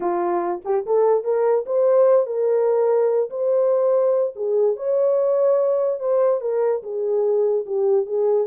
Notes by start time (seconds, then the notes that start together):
0.00 F4
0.65 G4
0.86 A4
1.24 A#4
1.66 C5
2.26 A#4
3.30 C5
4.35 G#4
4.76 C#5
5.99 C5
6.40 A#4
6.82 G#4
7.66 G4
8.06 G#4